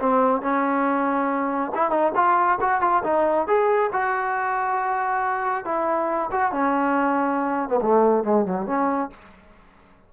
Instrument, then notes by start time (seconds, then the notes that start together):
trombone
0.00 C4
0.42 C#4
1.75 E4
1.91 D#4
2.16 F4
2.61 F#4
2.82 F4
3.04 D#4
3.48 G#4
3.93 F#4
5.65 E4
6.32 F#4
6.52 C#4
7.70 B3
7.82 A3
8.25 G#3
8.46 F#3
8.67 C#4